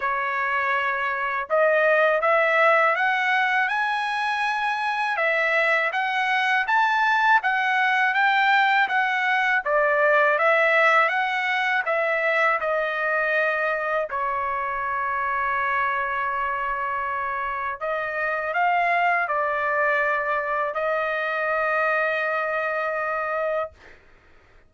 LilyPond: \new Staff \with { instrumentName = "trumpet" } { \time 4/4 \tempo 4 = 81 cis''2 dis''4 e''4 | fis''4 gis''2 e''4 | fis''4 a''4 fis''4 g''4 | fis''4 d''4 e''4 fis''4 |
e''4 dis''2 cis''4~ | cis''1 | dis''4 f''4 d''2 | dis''1 | }